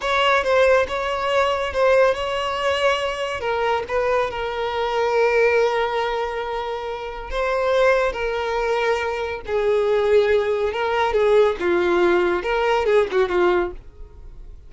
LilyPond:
\new Staff \with { instrumentName = "violin" } { \time 4/4 \tempo 4 = 140 cis''4 c''4 cis''2 | c''4 cis''2. | ais'4 b'4 ais'2~ | ais'1~ |
ais'4 c''2 ais'4~ | ais'2 gis'2~ | gis'4 ais'4 gis'4 f'4~ | f'4 ais'4 gis'8 fis'8 f'4 | }